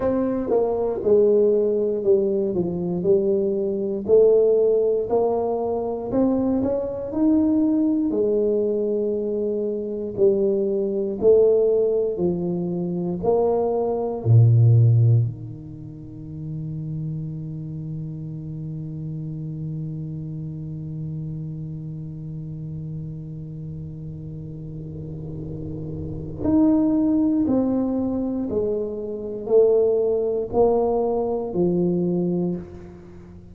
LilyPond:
\new Staff \with { instrumentName = "tuba" } { \time 4/4 \tempo 4 = 59 c'8 ais8 gis4 g8 f8 g4 | a4 ais4 c'8 cis'8 dis'4 | gis2 g4 a4 | f4 ais4 ais,4 dis4~ |
dis1~ | dis1~ | dis2 dis'4 c'4 | gis4 a4 ais4 f4 | }